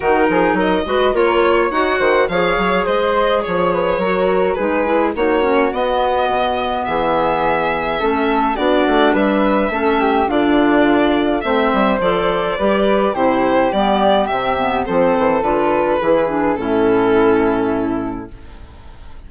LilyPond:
<<
  \new Staff \with { instrumentName = "violin" } { \time 4/4 \tempo 4 = 105 ais'4 dis''4 cis''4 fis''4 | f''4 dis''4 cis''2 | b'4 cis''4 dis''2 | e''2. d''4 |
e''2 d''2 | e''4 d''2 c''4 | d''4 e''4 c''4 b'4~ | b'4 a'2. | }
  \new Staff \with { instrumentName = "flute" } { \time 4/4 fis'8 gis'8 ais'8 b'8 ais'8 cis''4 c''8 | cis''4 c''4 cis''8 b'8 ais'4 | gis'4 fis'2. | gis'2 a'4 fis'4 |
b'4 a'8 g'8 f'2 | c''2 b'4 g'4~ | g'2 a'2 | gis'4 e'2. | }
  \new Staff \with { instrumentName = "clarinet" } { \time 4/4 dis'4. fis'8 f'4 fis'4 | gis'2. fis'4 | dis'8 e'8 dis'8 cis'8 b2~ | b2 cis'4 d'4~ |
d'4 cis'4 d'2 | c'4 a'4 g'4 e'4 | b4 c'8 b8 c'4 f'4 | e'8 d'8 cis'2. | }
  \new Staff \with { instrumentName = "bassoon" } { \time 4/4 dis8 f8 fis8 gis8 ais4 dis'8 dis8 | f8 fis8 gis4 f4 fis4 | gis4 ais4 b4 b,4 | e2 a4 b8 a8 |
g4 a4 d2 | a8 g8 f4 g4 c4 | g4 c4 f8 e8 d4 | e4 a,2. | }
>>